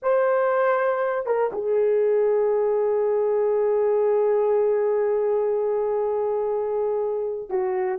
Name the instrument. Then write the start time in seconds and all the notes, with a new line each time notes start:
horn
0.02 C5
1.25 A#4
1.52 G#4
7.49 F#4